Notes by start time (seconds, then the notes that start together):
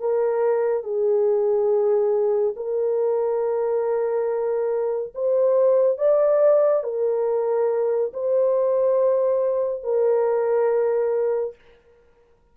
0.00 A#4
0.84 G#4
2.57 A#4
5.15 C5
5.98 D5
6.84 A#4
8.14 C5
9.84 A#4